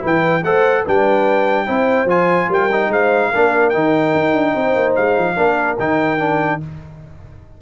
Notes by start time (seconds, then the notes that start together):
0.00 E3 E4 B4
0.06 G5
0.43 A3 A4 C5 F#5
0.83 G3 D4 B4 G5
1.66 C4 E4 C5
2.05 F3 F4 G#5
2.49 G3 A#4 G5
2.72 D#4
2.88 G#3 C5 F5
3.31 A#3 D4 A#4
3.70 D#3 D#4 G5
4.14 D#4
4.34 D4
4.54 C4 C5
4.75 A#3
4.95 G#3 F5
5.18 F3
5.36 A#3 D4 A#4
5.79 D#3 D#4 G5
6.19 D4